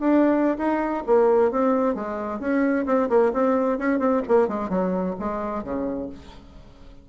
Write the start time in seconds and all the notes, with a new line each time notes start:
0.00 D4
0.58 D#4
1.07 A#3
1.51 C4
1.95 G#3
2.40 C#4
2.86 C4
3.09 A#3
3.33 C4
3.78 C#4
3.99 C4
4.28 A#3
4.48 G#3
4.69 F#3
5.19 G#3
5.64 C#3